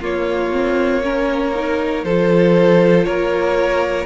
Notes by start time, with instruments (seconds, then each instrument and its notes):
0.00 cello A#3, viola A#3, violin F4 C#5
0.52 viola C4
1.03 viola C#4, violin A#4
1.55 viola D#4
2.03 cello F3, viola F4, violin A4 C5
3.04 cello A#3, violin A#4 C#5